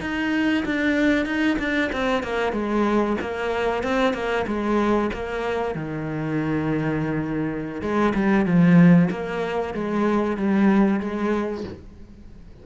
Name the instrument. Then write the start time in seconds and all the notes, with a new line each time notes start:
cello
0.00 D#4
0.65 D4
1.25 D#4
1.58 D4
1.92 C4
2.23 A#3
2.52 G#3
3.21 A#3
3.83 C4
4.13 A#3
4.46 G#3
5.13 A#3
5.74 D#3
7.81 G#3
8.14 G3
8.45 F3
9.10 A#3
9.74 G#3
10.36 G3
11.00 G#3